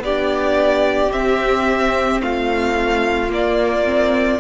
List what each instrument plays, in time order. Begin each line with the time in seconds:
0.00 cello B3, viola D4, violin G4 D5
1.11 viola C4, cello C4, violin E5
2.21 cello A3, violin F4 F5
3.29 viola A#3, cello A#3, violin D5
3.85 viola C4